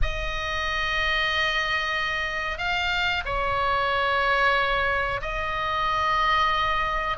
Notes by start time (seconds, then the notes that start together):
0.02 D#5
2.58 F5
3.25 C#5
5.21 D#5